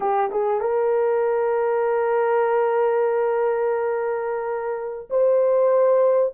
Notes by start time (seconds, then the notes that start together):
0.00 G4
0.31 G#4
0.60 A#4
5.09 C5